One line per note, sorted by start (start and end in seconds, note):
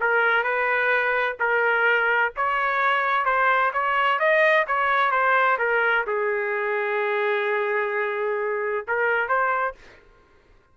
0.00 0.43 A#4
0.43 1.36 B4
1.39 2.32 A#4
2.36 3.25 C#5
3.25 3.72 C5
3.73 4.19 C#5
4.19 4.66 D#5
4.67 5.11 C#5
5.11 5.58 C5
5.58 6.05 A#4
6.07 8.86 G#4
8.88 9.28 A#4
9.28 9.75 C5